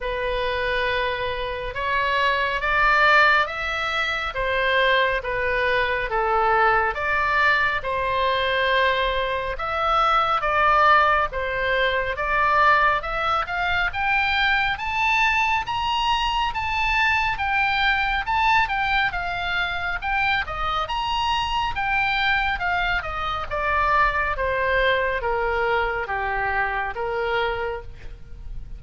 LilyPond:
\new Staff \with { instrumentName = "oboe" } { \time 4/4 \tempo 4 = 69 b'2 cis''4 d''4 | e''4 c''4 b'4 a'4 | d''4 c''2 e''4 | d''4 c''4 d''4 e''8 f''8 |
g''4 a''4 ais''4 a''4 | g''4 a''8 g''8 f''4 g''8 dis''8 | ais''4 g''4 f''8 dis''8 d''4 | c''4 ais'4 g'4 ais'4 | }